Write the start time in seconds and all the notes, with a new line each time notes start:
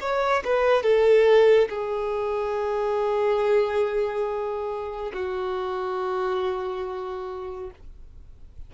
0.00 C#5
0.44 B4
0.83 A4
1.69 G#4
5.13 F#4